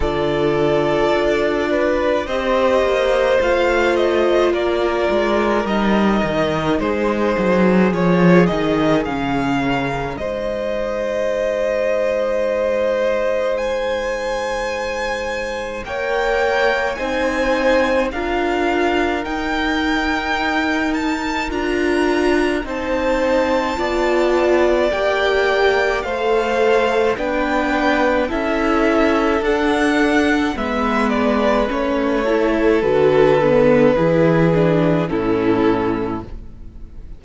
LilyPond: <<
  \new Staff \with { instrumentName = "violin" } { \time 4/4 \tempo 4 = 53 d''2 dis''4 f''8 dis''8 | d''4 dis''4 c''4 cis''8 dis''8 | f''4 dis''2. | gis''2 g''4 gis''4 |
f''4 g''4. a''8 ais''4 | a''2 g''4 f''4 | g''4 e''4 fis''4 e''8 d''8 | cis''4 b'2 a'4 | }
  \new Staff \with { instrumentName = "violin" } { \time 4/4 a'4. b'8 c''2 | ais'2 gis'2~ | gis'8 ais'8 c''2.~ | c''2 cis''4 c''4 |
ais'1 | c''4 d''2 c''4 | b'4 a'2 b'4~ | b'8 a'4. gis'4 e'4 | }
  \new Staff \with { instrumentName = "viola" } { \time 4/4 f'2 g'4 f'4~ | f'4 dis'2 f'8 dis'8 | cis'4 dis'2.~ | dis'2 ais'4 dis'4 |
f'4 dis'2 f'4 | dis'4 f'4 g'4 a'4 | d'4 e'4 d'4 b4 | cis'8 e'8 fis'8 b8 e'8 d'8 cis'4 | }
  \new Staff \with { instrumentName = "cello" } { \time 4/4 d4 d'4 c'8 ais8 a4 | ais8 gis8 g8 dis8 gis8 fis8 f8 dis8 | cis4 gis2.~ | gis2 ais4 c'4 |
d'4 dis'2 d'4 | c'4 b4 ais4 a4 | b4 cis'4 d'4 gis4 | a4 d4 e4 a,4 | }
>>